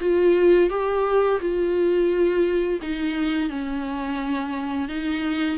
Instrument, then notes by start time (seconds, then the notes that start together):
viola
0.00 F4
0.70 G4
1.40 F4
2.82 D#4
3.49 C#4
4.88 D#4